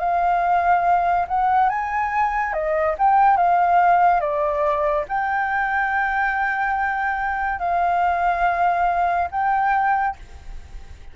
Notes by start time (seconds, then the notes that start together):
0.00 F5
1.28 F#5
1.69 G#5
2.53 D#5
2.98 G5
3.37 F5
4.21 D5
5.09 G5
7.59 F5
9.31 G5